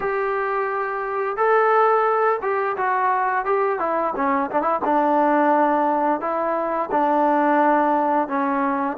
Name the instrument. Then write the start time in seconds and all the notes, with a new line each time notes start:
trombone
0.00 G4
1.36 A4
2.42 G4
2.76 F#4
3.45 G4
3.79 E4
4.15 C#4
4.50 D4
4.62 E4
4.84 D4
6.20 E4
6.91 D4
8.28 C#4